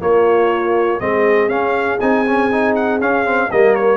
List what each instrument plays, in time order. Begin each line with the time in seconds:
0.00 trombone A#3, tuba A#3, horn F4, trumpet C#5
1.00 tuba G#3, trombone C4, horn G#4, trumpet D#5
1.48 tuba C#4, trombone C#4, trumpet F5
2.00 tuba C4, trombone D#4, trumpet G#5
2.27 trombone C#4
2.51 trombone D#4
2.75 trumpet F#5
3.00 trombone C#4, tuba C#4, trumpet F5
3.25 trombone C4
3.51 tuba G3, trombone A#3, horn A#4, trumpet D#5
3.75 trumpet C#5